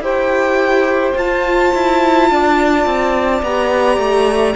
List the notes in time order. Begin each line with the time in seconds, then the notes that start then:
0.00 E4 G4 C5 G5
1.15 F4 A5
1.74 E4
2.31 D4 D5
2.86 C4
3.43 B3 G4 A#5
3.98 A3